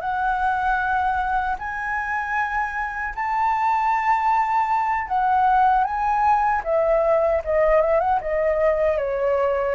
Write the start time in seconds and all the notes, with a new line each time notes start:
0.00 F#5
1.58 G#5
3.15 A5
5.07 F#5
5.84 G#5
6.64 E5
7.44 D#5
7.81 E5
8.00 F#5
8.21 D#5
8.98 C#5